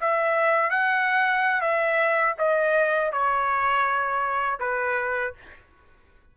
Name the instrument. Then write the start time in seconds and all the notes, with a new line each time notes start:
trumpet
0.00 E5
0.70 F#5
1.61 E5
2.38 D#5
3.11 C#5
4.59 B4